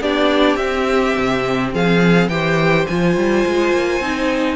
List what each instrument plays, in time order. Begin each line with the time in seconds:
0.00 cello B3, viola D4, violin G4 D5
0.56 cello C4, viola C4, violin E5
1.17 cello C3
1.73 cello F3, violin G#4 F5
2.29 cello E3, viola G4, violin C5 G5
2.87 cello F3, viola F4, violin G#5
3.16 cello G3
3.46 cello G#3
3.73 cello A#3
4.00 cello C4, viola D#4